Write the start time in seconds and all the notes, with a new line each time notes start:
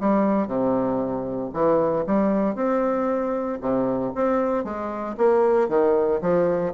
0.00 G3
0.47 C3
1.53 E3
2.06 G3
2.55 C4
3.61 C3
4.15 C4
4.64 G#3
5.17 A#3
5.69 D#3
6.21 F3